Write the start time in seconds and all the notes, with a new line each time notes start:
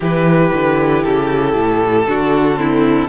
0.00 E3 E4 G4 B4
0.52 D3
1.03 C#3 A4
1.53 A2
2.06 D3 D4 F#4
2.56 C4 E4